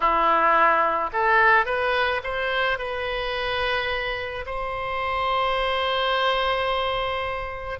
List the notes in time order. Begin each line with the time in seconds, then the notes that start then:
0.00 E4
1.12 A4
1.65 B4
2.23 C5
2.78 B4
4.45 C5